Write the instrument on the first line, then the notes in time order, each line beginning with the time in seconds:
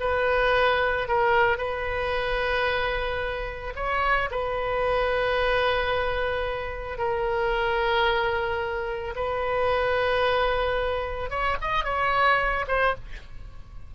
oboe
0.00 B4
1.08 A#4
1.57 B4
3.76 C#5
4.31 B4
6.98 A#4
9.16 B4
11.30 C#5
11.61 D#5
11.85 C#5
12.68 C5